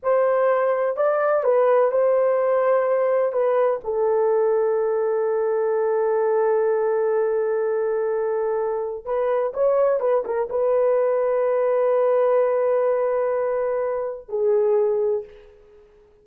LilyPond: \new Staff \with { instrumentName = "horn" } { \time 4/4 \tempo 4 = 126 c''2 d''4 b'4 | c''2. b'4 | a'1~ | a'1~ |
a'2. b'4 | cis''4 b'8 ais'8 b'2~ | b'1~ | b'2 gis'2 | }